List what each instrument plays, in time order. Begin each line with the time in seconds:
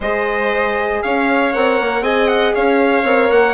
0.00 bassoon G#3, horn G#4, violin C5, trumpet D#5
1.02 bassoon C#4, violin C#5, trumpet F5
1.52 bassoon C4, horn A#4, trumpet F#5
1.80 bassoon A#3
2.01 bassoon C4, horn G#4, violin D#5, trumpet G#5
2.27 trumpet F#5
2.54 bassoon C#4, violin C#5, trumpet F5
3.03 bassoon C4, horn A#4
3.30 bassoon A#3, trumpet F#5